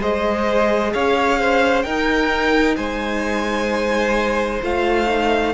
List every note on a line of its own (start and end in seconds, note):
0.00 0.94 G#3
0.00 1.85 G#4
0.00 0.93 C5
0.00 0.93 D#5
0.93 1.85 C#4
0.93 1.39 C#5
0.93 1.82 F5
1.39 1.85 C5
1.82 2.77 D#4
1.82 4.62 D#4
1.82 2.77 A#4
1.82 2.75 G5
2.76 4.62 G#3
2.76 5.53 C5
2.76 4.61 G#5
4.62 5.54 A3
4.62 5.07 F4
4.62 5.54 F5
5.07 5.53 D#4